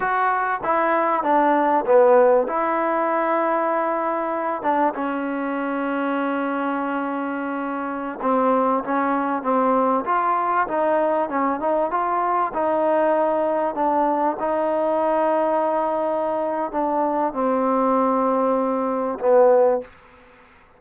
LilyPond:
\new Staff \with { instrumentName = "trombone" } { \time 4/4 \tempo 4 = 97 fis'4 e'4 d'4 b4 | e'2.~ e'8 d'8 | cis'1~ | cis'4~ cis'16 c'4 cis'4 c'8.~ |
c'16 f'4 dis'4 cis'8 dis'8 f'8.~ | f'16 dis'2 d'4 dis'8.~ | dis'2. d'4 | c'2. b4 | }